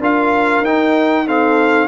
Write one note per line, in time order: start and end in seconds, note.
0.00 0.61 D4
0.00 0.64 F4
0.00 1.26 A#4
0.00 0.65 F5
0.61 1.86 D#4
0.61 1.27 D#4
0.61 1.27 G5
1.27 1.88 C4
1.27 1.88 A4
1.27 1.88 F5